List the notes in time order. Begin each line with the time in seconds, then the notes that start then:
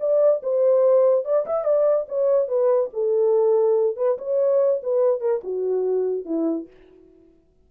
0.00 D5
0.43 C5
1.25 D5
1.46 E5
1.64 D5
2.08 C#5
2.48 B4
2.93 A4
3.96 B4
4.18 C#5
4.83 B4
5.20 A#4
5.43 F#4
6.25 E4